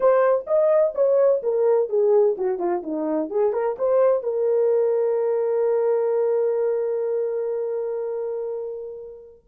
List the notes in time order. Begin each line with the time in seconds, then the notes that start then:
0.00 C5
0.46 D#5
0.94 C#5
1.42 A#4
1.89 G#4
2.37 F#4
2.58 F4
2.82 D#4
3.29 G#4
3.52 A#4
3.78 C5
4.22 A#4